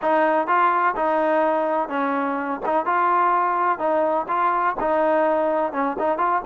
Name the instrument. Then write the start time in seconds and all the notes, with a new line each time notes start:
trombone
0.02 D#4
0.47 F4
0.96 D#4
1.89 C#4
2.65 D#4
2.85 F4
3.78 D#4
4.27 F4
4.80 D#4
5.72 C#4
5.98 D#4
6.18 F4